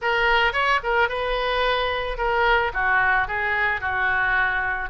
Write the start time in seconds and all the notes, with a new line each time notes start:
0.01 A#4
0.52 C#5
0.83 A#4
1.09 B4
2.17 A#4
2.73 F#4
3.27 G#4
3.80 F#4